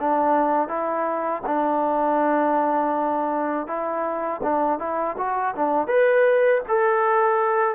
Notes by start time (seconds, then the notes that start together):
0.00 D4
0.68 E4
1.46 D4
3.67 E4
4.43 D4
4.79 E4
5.18 F#4
5.56 D4
5.88 B4
6.68 A4